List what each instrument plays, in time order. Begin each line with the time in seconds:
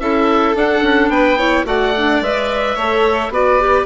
0.00 bassoon C#4, clarinet E4, violin A4, oboe E5
0.55 bassoon D4, clarinet D4, oboe F#5
0.83 bassoon C#4
1.09 bassoon B3, violin B4, oboe G5
1.38 clarinet E4, violin C#5
1.65 bassoon A3, clarinet F#4, violin D5, oboe F#5
1.98 clarinet D4
2.21 bassoon G#3, clarinet B4, oboe E5
2.76 bassoon A3, clarinet A4, violin C#5
3.30 bassoon B3, clarinet F#4, violin B4, oboe D5
3.60 clarinet G4